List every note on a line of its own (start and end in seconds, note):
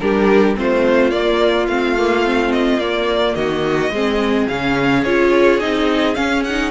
0.00 0.57 G3
0.00 0.56 D4
0.00 0.59 G4
0.00 0.56 A#4
0.56 1.12 A3
0.56 1.12 C4
0.56 3.37 F4
0.56 1.11 C5
1.11 1.68 A#3
1.11 1.67 D5
1.68 2.78 A3
1.68 1.98 C4
1.68 2.52 F5
1.98 2.25 A#3
2.25 2.80 C4
2.52 2.79 D#5
2.78 3.34 A#3
2.78 3.93 A#3
2.78 3.35 D5
3.35 3.91 D#3
3.35 3.93 F#4
3.35 4.47 D#5
3.91 4.47 G#3
3.91 4.50 C4
3.91 6.71 G#4
4.48 5.05 C#3
4.48 5.06 C#4
4.48 5.04 F5
5.04 5.60 C#4
5.04 5.60 F4
5.04 5.60 C#5
5.60 6.16 C4
5.60 6.15 D#4
5.60 6.15 D#5
6.15 6.43 C#4
6.15 6.71 C#4
6.15 6.43 F5
6.45 6.71 D#4
6.45 6.71 F#5